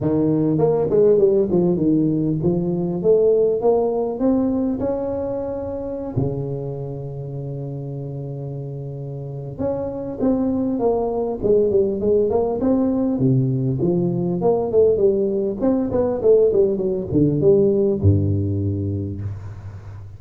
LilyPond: \new Staff \with { instrumentName = "tuba" } { \time 4/4 \tempo 4 = 100 dis4 ais8 gis8 g8 f8 dis4 | f4 a4 ais4 c'4 | cis'2~ cis'16 cis4.~ cis16~ | cis1 |
cis'4 c'4 ais4 gis8 g8 | gis8 ais8 c'4 c4 f4 | ais8 a8 g4 c'8 b8 a8 g8 | fis8 d8 g4 g,2 | }